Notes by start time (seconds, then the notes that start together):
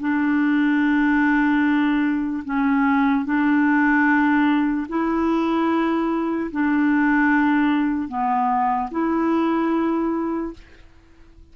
0.00 D4
2.44 C#4
3.25 D4
4.88 E4
6.51 D4
8.08 B3
8.91 E4